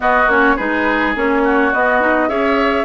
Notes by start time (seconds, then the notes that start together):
0.00 B3 F#4 D#5
0.26 A#3 C#4 C#5
0.56 G#3 D#4 G#4 B4
1.15 A#3 C#4 C#5
1.44 F#4
1.73 B3 D#5
2.00 D#4
2.28 C#4 G#4 C#5 E5